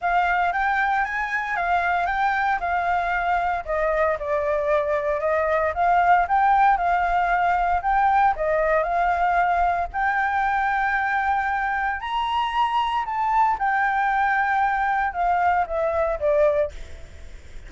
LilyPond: \new Staff \with { instrumentName = "flute" } { \time 4/4 \tempo 4 = 115 f''4 g''4 gis''4 f''4 | g''4 f''2 dis''4 | d''2 dis''4 f''4 | g''4 f''2 g''4 |
dis''4 f''2 g''4~ | g''2. ais''4~ | ais''4 a''4 g''2~ | g''4 f''4 e''4 d''4 | }